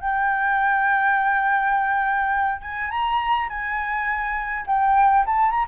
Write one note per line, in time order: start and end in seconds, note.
0.00 2.61 G5
2.61 2.90 G#5
2.90 3.48 A#5
3.49 4.65 G#5
4.67 5.25 G5
5.26 5.51 A5
5.51 5.66 A#5